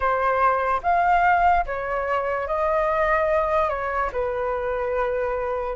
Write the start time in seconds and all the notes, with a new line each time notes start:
0.00 C5
0.83 F5
1.66 C#5
2.47 D#5
3.69 C#5
4.12 B4